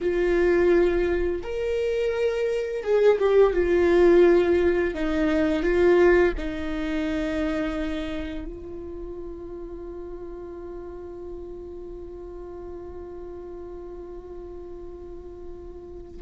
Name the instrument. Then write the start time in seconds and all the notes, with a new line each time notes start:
viola
0.00 F4
1.42 A#4
2.83 G#4
3.18 G4
3.53 F4
4.94 D#4
5.62 F4
6.37 D#4
8.45 F4